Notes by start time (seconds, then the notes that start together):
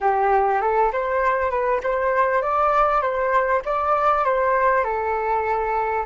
0.01 G4
0.61 A4
0.92 C5
1.50 B4
1.83 C5
2.42 D5
3.01 C5
3.65 D5
4.24 C5
4.83 A4